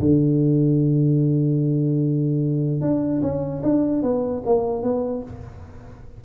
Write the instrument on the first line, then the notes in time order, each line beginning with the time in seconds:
tuba
0.00 D3
2.82 D4
3.22 C#4
3.63 D4
4.03 B3
4.46 A#3
4.83 B3